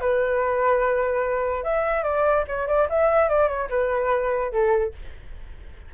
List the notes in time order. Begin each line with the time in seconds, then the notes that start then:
0.00 B4
1.63 E5
2.03 D5
2.47 C#5
2.67 D5
2.90 E5
3.28 D5
3.48 C#5
3.69 B4
4.52 A4